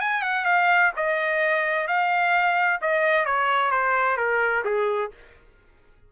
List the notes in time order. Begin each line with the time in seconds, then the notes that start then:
0.00 G#5
0.22 F#5
0.45 F5
0.96 D#5
1.87 F5
2.81 D#5
3.25 C#5
3.71 C5
4.17 A#4
4.64 G#4